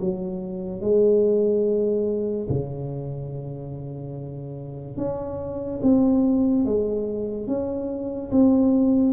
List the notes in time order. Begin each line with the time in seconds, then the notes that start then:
0.00 F#3
0.81 G#3
2.49 C#3
4.97 C#4
5.82 C4
6.65 G#3
7.47 C#4
8.31 C4